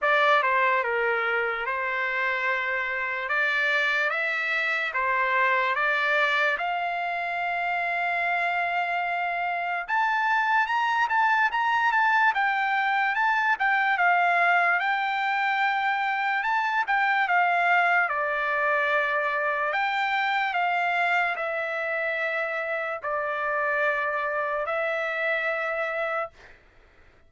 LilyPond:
\new Staff \with { instrumentName = "trumpet" } { \time 4/4 \tempo 4 = 73 d''8 c''8 ais'4 c''2 | d''4 e''4 c''4 d''4 | f''1 | a''4 ais''8 a''8 ais''8 a''8 g''4 |
a''8 g''8 f''4 g''2 | a''8 g''8 f''4 d''2 | g''4 f''4 e''2 | d''2 e''2 | }